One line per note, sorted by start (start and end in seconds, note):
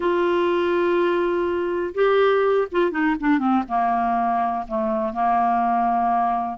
0.00 1.94 F4
1.94 2.67 G4
2.71 2.91 F4
2.91 3.15 D#4
3.20 3.38 D4
3.38 3.63 C4
3.68 4.66 A#3
4.67 5.13 A3
5.13 6.58 A#3